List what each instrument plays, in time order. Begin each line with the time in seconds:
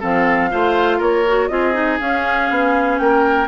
0.00 bassoon F3, clarinet C4, oboe A4, flute F5
0.51 bassoon A3, clarinet F4, oboe C5
0.98 bassoon A#3, oboe A#4, flute C#5
1.28 clarinet F#4
1.48 bassoon C4, clarinet F4, oboe G#4, flute D#5
1.74 clarinet D#4
1.99 clarinet C#4, bassoon C#4, flute F5
2.50 bassoon B3
2.99 bassoon A#3, oboe A#4, flute G5